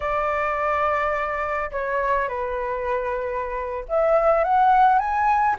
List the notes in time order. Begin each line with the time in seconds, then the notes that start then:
0.00 D5
1.71 C#5
2.28 B4
3.88 E5
4.44 F#5
4.98 G#5